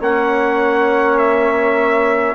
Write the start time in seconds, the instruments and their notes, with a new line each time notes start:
0.00 bassoon A#3, trombone C#4, flute C#5, trumpet F#5
1.18 trumpet E5